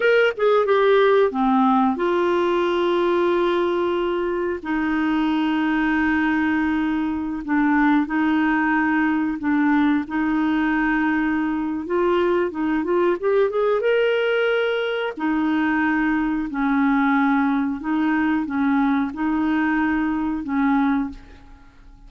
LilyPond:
\new Staff \with { instrumentName = "clarinet" } { \time 4/4 \tempo 4 = 91 ais'8 gis'8 g'4 c'4 f'4~ | f'2. dis'4~ | dis'2.~ dis'16 d'8.~ | d'16 dis'2 d'4 dis'8.~ |
dis'2 f'4 dis'8 f'8 | g'8 gis'8 ais'2 dis'4~ | dis'4 cis'2 dis'4 | cis'4 dis'2 cis'4 | }